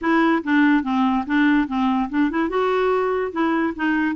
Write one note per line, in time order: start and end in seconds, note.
0.01 0.42 E4
0.43 0.83 D4
0.83 1.24 C4
1.26 1.67 D4
1.67 2.09 C4
2.09 2.30 D4
2.30 2.49 E4
2.49 3.32 F#4
3.32 3.73 E4
3.76 4.15 D#4